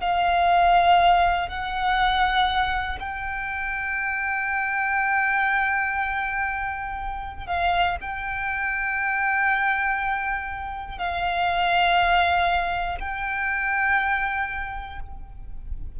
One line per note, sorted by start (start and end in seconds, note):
0.00 1.49 F5
1.49 2.99 F#5
3.00 7.46 G5
7.46 7.96 F5
8.00 10.98 G5
10.98 12.98 F5
13.00 15.00 G5